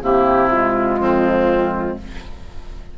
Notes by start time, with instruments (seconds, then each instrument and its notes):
0.00 bassoon C3, clarinet A#3, oboe E4, flute G4
0.49 clarinet G#3, flute F4
0.98 bassoon F2, oboe C4